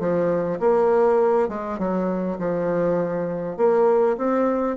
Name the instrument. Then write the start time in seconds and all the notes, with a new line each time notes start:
bassoon
0.00 F3
0.60 A#3
1.49 G#3
1.79 F#3
2.39 F3
3.57 A#3
4.18 C4